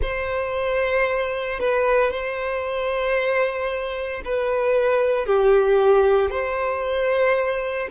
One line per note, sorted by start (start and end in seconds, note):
0.02 1.59 C5
1.59 2.11 B4
2.11 4.22 C5
4.24 5.26 B4
5.26 6.30 G4
6.30 7.88 C5